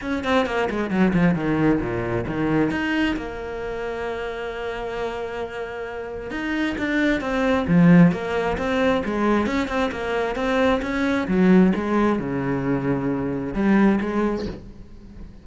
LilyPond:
\new Staff \with { instrumentName = "cello" } { \time 4/4 \tempo 4 = 133 cis'8 c'8 ais8 gis8 fis8 f8 dis4 | ais,4 dis4 dis'4 ais4~ | ais1~ | ais2 dis'4 d'4 |
c'4 f4 ais4 c'4 | gis4 cis'8 c'8 ais4 c'4 | cis'4 fis4 gis4 cis4~ | cis2 g4 gis4 | }